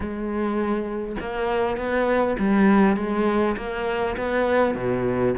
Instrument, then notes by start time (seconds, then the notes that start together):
cello
0.00 G#3
1.20 A#3
1.77 B3
2.38 G3
2.96 G#3
3.56 A#3
4.16 B3
4.74 B2